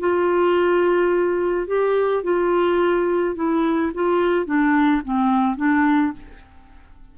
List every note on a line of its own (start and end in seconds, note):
0.00 1.67 F4
1.67 2.24 G4
2.24 3.36 F4
3.36 3.92 E4
3.95 4.46 F4
4.46 5.02 D4
5.05 5.57 C4
5.57 6.13 D4